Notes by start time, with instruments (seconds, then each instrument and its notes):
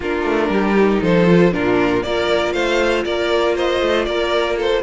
0.00 cello A#3, viola D4, violin F4 A#4
0.24 cello A3
0.49 cello G3, violin G4
0.76 viola D#4
1.01 cello F3, violin A4 C5
1.26 viola F4
1.51 cello A#2, viola D4, violin F4 A#4
2.03 cello A#3, viola F4, violin A#4 D5
2.52 cello A3, violin C5 F5
3.04 cello A#3, violin A#4 D5
3.55 violin C5 D#5
3.81 cello A3
4.05 cello A#3, violin A#4 D5
4.56 violin A4 C5